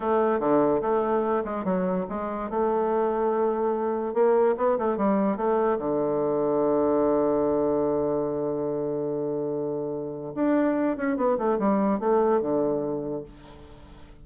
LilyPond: \new Staff \with { instrumentName = "bassoon" } { \time 4/4 \tempo 4 = 145 a4 d4 a4. gis8 | fis4 gis4 a2~ | a2 ais4 b8 a8 | g4 a4 d2~ |
d1~ | d1~ | d4 d'4. cis'8 b8 a8 | g4 a4 d2 | }